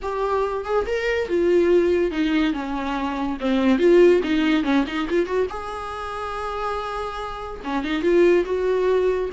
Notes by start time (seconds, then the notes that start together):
0.02 G4
0.64 G#4
0.86 A#4
1.28 F4
2.11 D#4
2.53 C#4
3.40 C4
3.78 F4
4.23 D#4
4.63 C#4
4.86 D#4
5.09 F4
5.25 F#4
5.49 G#4
7.64 C#4
7.84 D#4
8.02 F4
8.45 F#4